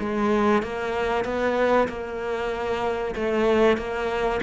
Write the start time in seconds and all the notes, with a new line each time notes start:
0.00 G#3
0.63 A#3
1.25 B3
1.89 A#3
3.16 A3
3.78 A#3